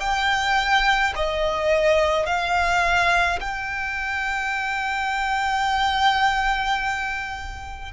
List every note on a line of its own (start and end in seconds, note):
0.00 1.13 G5
1.16 2.26 D#5
2.26 3.40 F5
3.41 7.92 G5